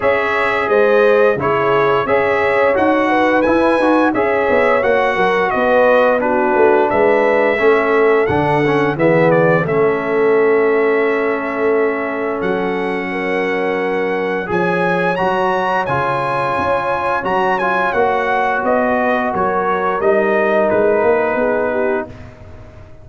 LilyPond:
<<
  \new Staff \with { instrumentName = "trumpet" } { \time 4/4 \tempo 4 = 87 e''4 dis''4 cis''4 e''4 | fis''4 gis''4 e''4 fis''4 | dis''4 b'4 e''2 | fis''4 e''8 d''8 e''2~ |
e''2 fis''2~ | fis''4 gis''4 ais''4 gis''4~ | gis''4 ais''8 gis''8 fis''4 dis''4 | cis''4 dis''4 b'2 | }
  \new Staff \with { instrumentName = "horn" } { \time 4/4 cis''4 c''4 gis'4 cis''4~ | cis''8 b'4. cis''4. ais'8 | b'4 fis'4 b'4 a'4~ | a'4 gis'4 a'2~ |
a'2. ais'4~ | ais'4 cis''2.~ | cis''2.~ cis''8 b'8 | ais'2. gis'8 g'8 | }
  \new Staff \with { instrumentName = "trombone" } { \time 4/4 gis'2 e'4 gis'4 | fis'4 e'8 fis'8 gis'4 fis'4~ | fis'4 d'2 cis'4 | d'8 cis'8 b4 cis'2~ |
cis'1~ | cis'4 gis'4 fis'4 f'4~ | f'4 fis'8 f'8 fis'2~ | fis'4 dis'2. | }
  \new Staff \with { instrumentName = "tuba" } { \time 4/4 cis'4 gis4 cis4 cis'4 | dis'4 e'8 dis'8 cis'8 b8 ais8 fis8 | b4. a8 gis4 a4 | d4 e4 a2~ |
a2 fis2~ | fis4 f4 fis4 cis4 | cis'4 fis4 ais4 b4 | fis4 g4 gis8 ais8 b4 | }
>>